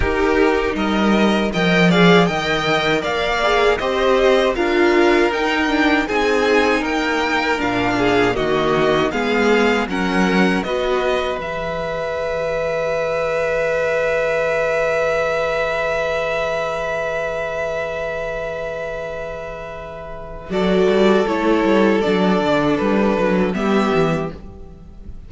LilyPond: <<
  \new Staff \with { instrumentName = "violin" } { \time 4/4 \tempo 4 = 79 ais'4 dis''4 g''8 f''8 g''4 | f''4 dis''4 f''4 g''4 | gis''4 g''4 f''4 dis''4 | f''4 fis''4 dis''4 e''4~ |
e''1~ | e''1~ | e''2. d''4 | cis''4 d''4 b'4 e''4 | }
  \new Staff \with { instrumentName = "violin" } { \time 4/4 g'4 ais'4 dis''8 d''8 dis''4 | d''4 c''4 ais'2 | gis'4 ais'4. gis'8 fis'4 | gis'4 ais'4 b'2~ |
b'1~ | b'1~ | b'2. a'4~ | a'2. g'4 | }
  \new Staff \with { instrumentName = "viola" } { \time 4/4 dis'2 ais'8 gis'8 ais'4~ | ais'8 gis'8 g'4 f'4 dis'8 d'8 | dis'2 d'4 ais4 | b4 cis'4 fis'4 gis'4~ |
gis'1~ | gis'1~ | gis'2. fis'4 | e'4 d'2 b4 | }
  \new Staff \with { instrumentName = "cello" } { \time 4/4 dis'4 g4 f4 dis4 | ais4 c'4 d'4 dis'4 | c'4 ais4 ais,4 dis4 | gis4 fis4 b4 e4~ |
e1~ | e1~ | e2. fis8 g8 | a8 g8 fis8 d8 g8 fis8 g8 e8 | }
>>